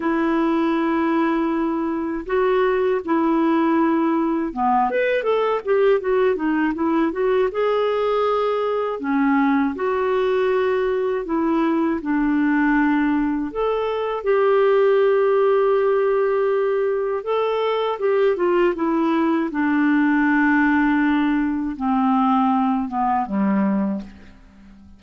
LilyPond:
\new Staff \with { instrumentName = "clarinet" } { \time 4/4 \tempo 4 = 80 e'2. fis'4 | e'2 b8 b'8 a'8 g'8 | fis'8 dis'8 e'8 fis'8 gis'2 | cis'4 fis'2 e'4 |
d'2 a'4 g'4~ | g'2. a'4 | g'8 f'8 e'4 d'2~ | d'4 c'4. b8 g4 | }